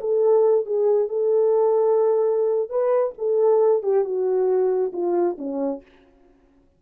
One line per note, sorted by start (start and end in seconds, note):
0.00 0.65 A4
0.65 1.08 G#4
1.08 2.69 A4
2.69 3.13 B4
3.18 3.82 A4
3.82 4.04 G4
4.04 4.92 F#4
4.92 5.36 F4
5.38 5.81 C#4